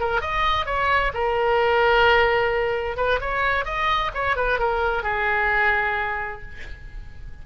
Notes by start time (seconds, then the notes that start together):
0.00 A#4
0.21 D#5
0.66 C#5
1.14 A#4
2.97 B4
3.21 C#5
3.65 D#5
4.15 C#5
4.37 B4
4.59 A#4
5.03 G#4